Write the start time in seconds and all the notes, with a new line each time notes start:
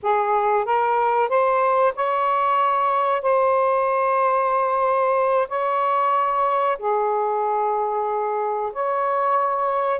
0.02 G#4
0.65 A#4
1.28 C5
1.95 C#5
3.21 C5
5.48 C#5
6.79 G#4
8.72 C#5